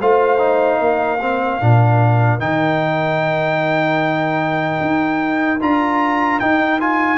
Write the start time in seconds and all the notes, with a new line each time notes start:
0.00 A3 F4 C5 F5
0.38 D#4
0.80 A#3 A#4
1.21 C4
1.61 A#2 D4
2.40 D#3 D#4 G5
4.81 D#4
5.61 D4 F4 A#5
6.40 D#4 G5
6.80 F4 G#5